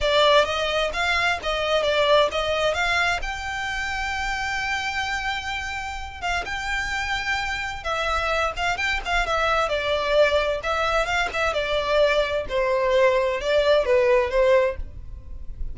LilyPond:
\new Staff \with { instrumentName = "violin" } { \time 4/4 \tempo 4 = 130 d''4 dis''4 f''4 dis''4 | d''4 dis''4 f''4 g''4~ | g''1~ | g''4. f''8 g''2~ |
g''4 e''4. f''8 g''8 f''8 | e''4 d''2 e''4 | f''8 e''8 d''2 c''4~ | c''4 d''4 b'4 c''4 | }